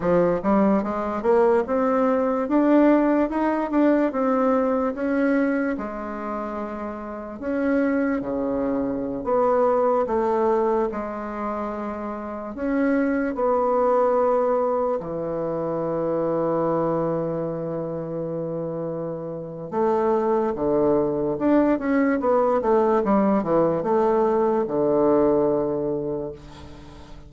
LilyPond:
\new Staff \with { instrumentName = "bassoon" } { \time 4/4 \tempo 4 = 73 f8 g8 gis8 ais8 c'4 d'4 | dis'8 d'8 c'4 cis'4 gis4~ | gis4 cis'4 cis4~ cis16 b8.~ | b16 a4 gis2 cis'8.~ |
cis'16 b2 e4.~ e16~ | e1 | a4 d4 d'8 cis'8 b8 a8 | g8 e8 a4 d2 | }